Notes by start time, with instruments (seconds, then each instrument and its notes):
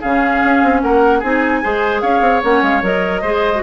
0.00 bassoon C#3, clarinet C#4, oboe G#4, flute F5
0.43 bassoon C#4
0.62 bassoon C4
0.81 bassoon A#3, oboe A#4, flute F#5
1.19 bassoon C4, clarinet D#4, oboe G#4, flute G#5
1.62 bassoon G#3, clarinet G#4, oboe C5
2.01 bassoon C#4, oboe C#5, flute F5
2.21 bassoon C4
2.43 bassoon A#3, clarinet C#4, flute F#5
2.62 bassoon G#3, flute F5
2.82 bassoon F#3, clarinet A#4, flute D#5
3.21 bassoon G#3, clarinet G#4, oboe C5
3.55 clarinet F#4